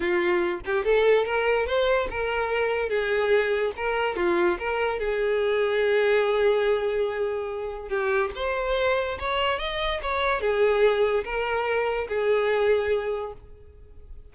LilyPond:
\new Staff \with { instrumentName = "violin" } { \time 4/4 \tempo 4 = 144 f'4. g'8 a'4 ais'4 | c''4 ais'2 gis'4~ | gis'4 ais'4 f'4 ais'4 | gis'1~ |
gis'2. g'4 | c''2 cis''4 dis''4 | cis''4 gis'2 ais'4~ | ais'4 gis'2. | }